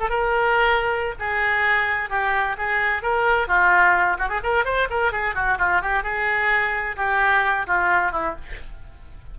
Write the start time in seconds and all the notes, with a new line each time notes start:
0.00 A4
0.10 A#4
1.20 G#4
2.10 G4
2.58 G#4
3.03 A#4
3.48 F4
4.19 F#4
4.29 G#4
4.44 A#4
4.65 C5
4.90 A#4
5.12 G#4
5.35 F#4
5.59 F4
5.82 G4
6.03 G#4
6.97 G4
7.67 F4
8.12 E4